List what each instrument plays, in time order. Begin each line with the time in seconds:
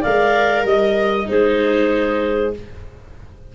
0.00 tuba G#3, viola A#4, clarinet D5 F5
0.64 tuba G3, clarinet D#5
1.25 tuba G#3, viola D#4, clarinet G#4 C5